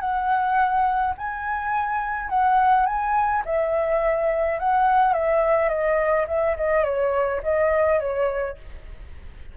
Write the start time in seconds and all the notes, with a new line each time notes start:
0.00 F#5
1.17 G#5
2.29 F#5
2.86 G#5
3.45 E5
4.59 F#5
5.13 E5
5.69 D#5
6.28 E5
6.57 D#5
6.84 C#5
7.43 D#5
8.00 C#5